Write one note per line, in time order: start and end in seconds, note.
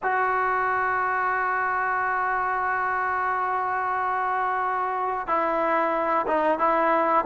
0.02 5.27 F#4
5.27 6.26 E4
6.27 6.58 D#4
6.58 7.24 E4